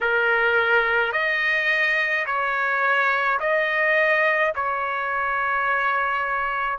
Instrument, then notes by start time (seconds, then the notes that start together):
trumpet
0.01 A#4
1.12 D#5
2.26 C#5
3.40 D#5
4.55 C#5